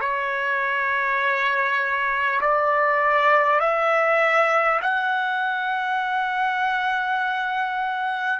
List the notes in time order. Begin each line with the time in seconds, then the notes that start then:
0.00 C#5
2.40 D5
3.59 E5
4.81 F#5